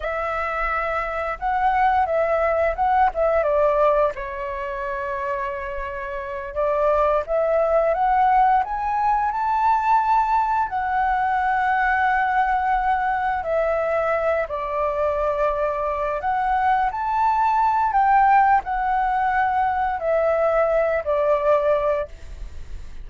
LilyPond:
\new Staff \with { instrumentName = "flute" } { \time 4/4 \tempo 4 = 87 e''2 fis''4 e''4 | fis''8 e''8 d''4 cis''2~ | cis''4. d''4 e''4 fis''8~ | fis''8 gis''4 a''2 fis''8~ |
fis''2.~ fis''8 e''8~ | e''4 d''2~ d''8 fis''8~ | fis''8 a''4. g''4 fis''4~ | fis''4 e''4. d''4. | }